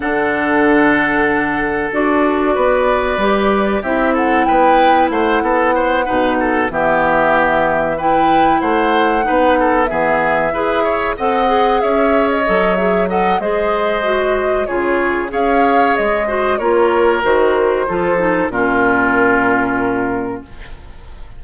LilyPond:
<<
  \new Staff \with { instrumentName = "flute" } { \time 4/4 \tempo 4 = 94 fis''2. d''4~ | d''2 e''8 fis''8 g''4 | fis''2~ fis''8 e''4.~ | e''8 g''4 fis''2 e''8~ |
e''4. fis''4 e''8. dis''8. | e''8 fis''8 dis''2 cis''4 | f''4 dis''4 cis''4 c''4~ | c''4 ais'2. | }
  \new Staff \with { instrumentName = "oboe" } { \time 4/4 a'1 | b'2 g'8 a'8 b'4 | c''8 a'8 c''8 b'8 a'8 g'4.~ | g'8 b'4 c''4 b'8 a'8 gis'8~ |
gis'8 b'8 cis''8 dis''4 cis''4.~ | cis''8 dis''8 c''2 gis'4 | cis''4. c''8 ais'2 | a'4 f'2. | }
  \new Staff \with { instrumentName = "clarinet" } { \time 4/4 d'2. fis'4~ | fis'4 g'4 e'2~ | e'4. dis'4 b4.~ | b8 e'2 dis'4 b8~ |
b8 gis'4 a'8 gis'4. a'8 | gis'8 a'8 gis'4 fis'4 f'4 | gis'4. fis'8 f'4 fis'4 | f'8 dis'8 cis'2. | }
  \new Staff \with { instrumentName = "bassoon" } { \time 4/4 d2. d'4 | b4 g4 c'4 b4 | a8 b4 b,4 e4.~ | e4. a4 b4 e8~ |
e8 e'4 c'4 cis'4 fis8~ | fis4 gis2 cis4 | cis'4 gis4 ais4 dis4 | f4 ais,2. | }
>>